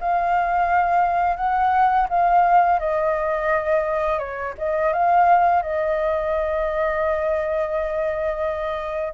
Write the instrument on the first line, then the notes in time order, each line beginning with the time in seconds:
flute
0.00 F5
1.37 F#5
2.09 F5
2.79 D#5
4.19 C#5
4.58 D#5
4.93 F5
5.62 D#5